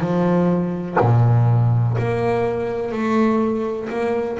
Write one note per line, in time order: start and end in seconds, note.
0.00 0.97 F3
1.00 1.97 A#2
1.98 2.92 A#3
2.92 3.88 A3
3.89 4.38 A#3